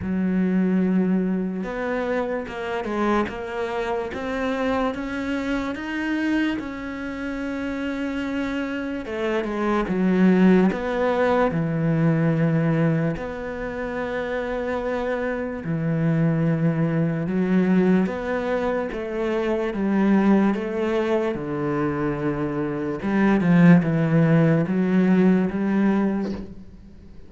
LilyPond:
\new Staff \with { instrumentName = "cello" } { \time 4/4 \tempo 4 = 73 fis2 b4 ais8 gis8 | ais4 c'4 cis'4 dis'4 | cis'2. a8 gis8 | fis4 b4 e2 |
b2. e4~ | e4 fis4 b4 a4 | g4 a4 d2 | g8 f8 e4 fis4 g4 | }